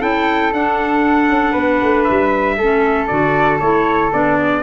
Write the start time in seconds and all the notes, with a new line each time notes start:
0.00 C#4 E4 A4 G5
0.53 D4 F#5
1.29 C#4
1.52 B3 B4
1.82 A3
2.04 G3 E5
2.58 A3 C#4 A4
3.07 D3 F#4 D5
3.60 A3 E4 C#5
4.12 B3 D4 D5
4.37 G#4